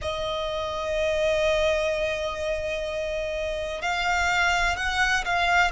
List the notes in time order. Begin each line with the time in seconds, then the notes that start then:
0.01 D#5
3.81 F5
4.76 F#5
5.24 F5